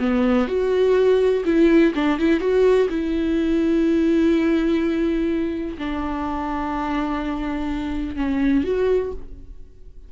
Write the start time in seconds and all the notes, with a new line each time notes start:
0.00 B3
0.48 F#4
1.46 E4
1.95 D4
2.19 E4
2.40 F#4
2.89 E4
5.78 D4
8.16 C#4
8.64 F#4